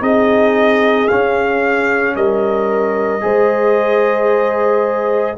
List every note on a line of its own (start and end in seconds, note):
0.00 1.08 C4
0.00 1.07 D#4
0.00 2.15 G#4
0.00 1.07 D#5
1.07 3.21 C#4
1.07 2.15 C#4
1.07 2.14 F5
2.15 3.22 G3
2.15 3.23 A#4
2.15 5.37 D#5
3.21 5.38 G#3
3.21 5.35 G#4
3.21 5.37 C5